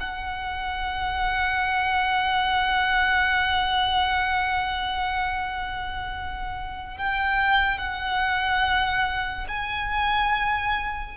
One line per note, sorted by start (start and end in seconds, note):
0.00 6.97 F#5
6.97 7.78 G5
7.78 9.47 F#5
9.48 11.17 G#5